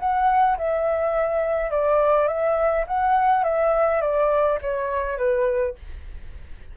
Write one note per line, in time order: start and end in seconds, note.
0.00 0.58 F#5
0.58 1.71 E5
1.71 2.28 D5
2.28 2.86 E5
2.87 3.44 F#5
3.44 4.01 E5
4.01 4.59 D5
4.62 5.18 C#5
5.18 5.76 B4